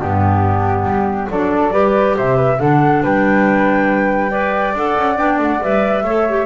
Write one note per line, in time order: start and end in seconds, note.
0.00 0.84 G2
0.00 1.29 B3
0.00 1.30 D4
0.00 1.30 G4
0.84 1.27 G3
1.30 1.73 F#3
1.30 1.71 D4
1.30 1.72 A4
1.30 2.17 D5
1.71 2.16 G3
1.71 2.58 G4
1.71 2.15 B4
2.17 2.60 C3
2.17 2.36 C5
2.17 2.59 E5
2.36 2.58 B4
2.59 3.03 D3
2.59 4.30 D4
2.59 3.03 A4
2.59 3.03 F#5
3.03 4.74 G3
3.03 4.30 B4
3.03 4.77 G5
4.30 4.74 B4
4.30 6.03 D5
4.74 4.95 D4
4.74 5.16 A4
4.74 5.17 F#5
4.97 5.18 C#4
5.16 5.38 B3
5.16 5.59 D4
5.16 5.39 G5
5.38 5.60 A3
5.38 5.63 F#5
5.61 6.04 G3
5.61 6.05 B4
5.61 6.46 E5
6.04 6.46 A3
6.04 6.28 A4
6.04 6.46 C#5
6.29 6.46 G4